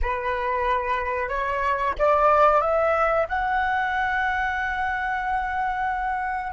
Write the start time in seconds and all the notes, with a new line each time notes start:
0.01 B4
1.28 C#5
1.98 D5
2.61 E5
3.28 F#5